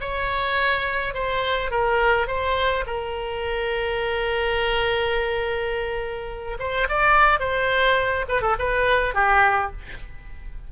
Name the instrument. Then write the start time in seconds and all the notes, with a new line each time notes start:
oboe
0.00 C#5
1.14 C5
1.71 A#4
2.27 C5
2.86 A#4
6.59 C5
6.89 D5
7.39 C5
8.28 B4
8.41 A4
8.58 B4
9.14 G4